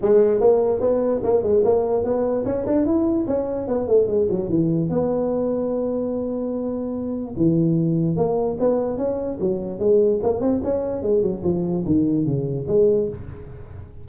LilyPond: \new Staff \with { instrumentName = "tuba" } { \time 4/4 \tempo 4 = 147 gis4 ais4 b4 ais8 gis8 | ais4 b4 cis'8 d'8 e'4 | cis'4 b8 a8 gis8 fis8 e4 | b1~ |
b2 e2 | ais4 b4 cis'4 fis4 | gis4 ais8 c'8 cis'4 gis8 fis8 | f4 dis4 cis4 gis4 | }